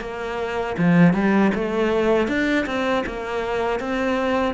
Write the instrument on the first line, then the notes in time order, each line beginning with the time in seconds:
cello
0.00 A#3
0.78 F3
1.13 G3
1.54 A3
2.28 D4
2.66 C4
3.06 A#3
3.79 C4